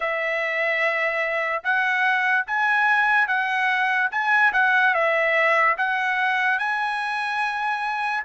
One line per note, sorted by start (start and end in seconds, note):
0.00 1.63 E5
1.63 2.45 F#5
2.47 3.27 G#5
3.27 4.09 F#5
4.11 4.52 G#5
4.52 4.94 F#5
4.94 5.76 E5
5.77 6.59 F#5
6.59 8.23 G#5